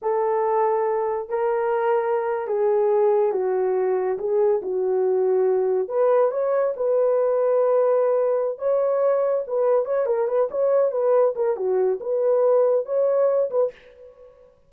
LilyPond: \new Staff \with { instrumentName = "horn" } { \time 4/4 \tempo 4 = 140 a'2. ais'4~ | ais'4.~ ais'16 gis'2 fis'16~ | fis'4.~ fis'16 gis'4 fis'4~ fis'16~ | fis'4.~ fis'16 b'4 cis''4 b'16~ |
b'1 | cis''2 b'4 cis''8 ais'8 | b'8 cis''4 b'4 ais'8 fis'4 | b'2 cis''4. b'8 | }